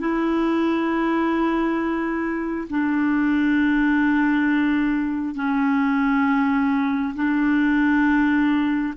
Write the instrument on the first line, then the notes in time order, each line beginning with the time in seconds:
clarinet
0.00 E4
2.70 D4
5.36 C#4
7.15 D4